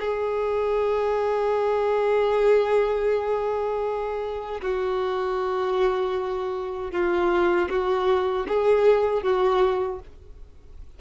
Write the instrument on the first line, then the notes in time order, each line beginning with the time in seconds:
violin
0.00 G#4
4.62 F#4
6.92 F4
7.70 F#4
8.49 G#4
9.23 F#4